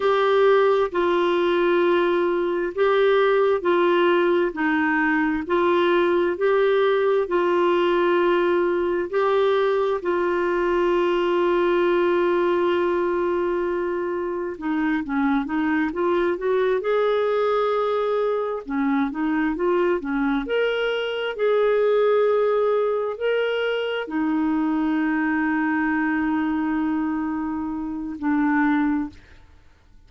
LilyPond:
\new Staff \with { instrumentName = "clarinet" } { \time 4/4 \tempo 4 = 66 g'4 f'2 g'4 | f'4 dis'4 f'4 g'4 | f'2 g'4 f'4~ | f'1 |
dis'8 cis'8 dis'8 f'8 fis'8 gis'4.~ | gis'8 cis'8 dis'8 f'8 cis'8 ais'4 gis'8~ | gis'4. ais'4 dis'4.~ | dis'2. d'4 | }